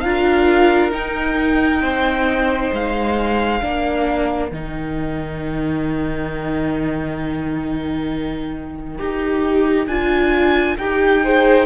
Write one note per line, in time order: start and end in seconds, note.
0.00 0.93 D4
0.00 0.92 F4
0.00 1.83 A#4
0.00 0.90 F5
0.92 3.60 D#4
0.92 1.82 D#4
0.92 2.72 G5
1.82 2.71 C4
1.82 3.61 C5
2.73 3.62 G#3
2.73 4.52 F5
3.61 4.52 A#3
3.61 4.50 D4
3.61 11.22 A#4
4.52 9.00 D#3
4.52 8.99 D#4
4.52 9.87 G5
8.99 9.87 D#4
8.99 9.88 G4
9.87 10.77 D4
9.87 10.79 F4
9.87 10.77 G#5
10.78 11.66 D#4
10.78 11.24 G4
10.78 11.66 G5
11.24 11.66 G#4
11.24 11.66 C5